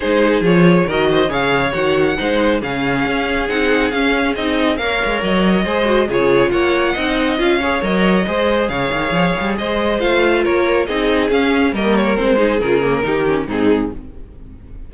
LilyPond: <<
  \new Staff \with { instrumentName = "violin" } { \time 4/4 \tempo 4 = 138 c''4 cis''4 dis''4 f''4 | fis''2 f''2 | fis''4 f''4 dis''4 f''4 | dis''2 cis''4 fis''4~ |
fis''4 f''4 dis''2 | f''2 dis''4 f''4 | cis''4 dis''4 f''4 dis''8 cis''8 | c''4 ais'2 gis'4 | }
  \new Staff \with { instrumentName = "violin" } { \time 4/4 gis'2 ais'8 c''8 cis''4~ | cis''4 c''4 gis'2~ | gis'2. cis''4~ | cis''4 c''4 gis'4 cis''4 |
dis''4. cis''4. c''4 | cis''2 c''2 | ais'4 gis'2 ais'4~ | ais'8 gis'4. g'4 dis'4 | }
  \new Staff \with { instrumentName = "viola" } { \time 4/4 dis'4 f'4 fis'4 gis'4 | fis'4 dis'4 cis'2 | dis'4 cis'4 dis'4 ais'4~ | ais'4 gis'8 fis'8 f'2 |
dis'4 f'8 gis'8 ais'4 gis'4~ | gis'2. f'4~ | f'4 dis'4 cis'4 ais4 | c'8 dis'8 f'8 ais8 dis'8 cis'8 c'4 | }
  \new Staff \with { instrumentName = "cello" } { \time 4/4 gis4 f4 dis4 cis4 | dis4 gis4 cis4 cis'4 | c'4 cis'4 c'4 ais8 gis8 | fis4 gis4 cis4 ais4 |
c'4 cis'4 fis4 gis4 | cis8 dis8 f8 g8 gis4 a4 | ais4 c'4 cis'4 g4 | gis4 cis4 dis4 gis,4 | }
>>